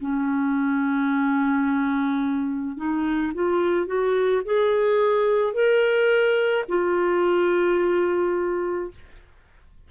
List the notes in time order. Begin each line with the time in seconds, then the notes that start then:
0.00 C#4
2.77 D#4
3.34 F4
3.86 F#4
4.44 G#4
5.54 A#4
6.68 F4